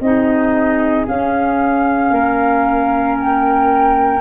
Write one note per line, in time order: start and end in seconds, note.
0.00 1.05 C4
0.00 1.06 D#4
0.00 2.12 G#4
0.00 1.06 D#5
1.06 4.21 C#4
1.06 2.10 C#4
1.06 3.18 F5
2.10 4.21 A#3
2.10 4.21 A#4
3.19 4.21 G5